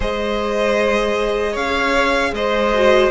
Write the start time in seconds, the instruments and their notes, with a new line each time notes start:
0.00 cello G#3, viola G#4, violin C5 D#5
1.52 cello C#4, violin C#5 F5
2.32 cello G#3, violin C5 D#5
2.74 viola F#4